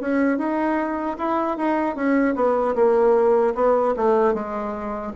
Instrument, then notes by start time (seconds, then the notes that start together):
bassoon
0.00 C#4
0.38 D#4
1.18 E4
1.57 D#4
1.95 C#4
2.35 B3
2.75 A#3
3.55 B3
3.97 A3
4.34 G#3